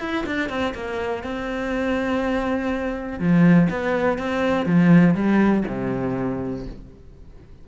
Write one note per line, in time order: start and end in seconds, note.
0.00 0.25 E4
0.26 0.49 D4
0.49 0.74 C4
0.74 1.23 A#3
1.23 3.19 C4
3.19 3.68 F3
3.70 4.18 B3
4.18 4.66 C4
4.66 5.14 F3
5.14 5.64 G3
5.67 6.66 C3